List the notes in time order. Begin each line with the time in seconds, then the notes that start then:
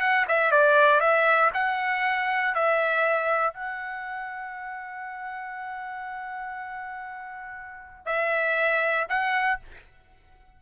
0.00 F#5
0.28 E5
0.52 D5
1.00 E5
1.54 F#5
2.55 E5
3.54 F#5
8.06 E5
9.09 F#5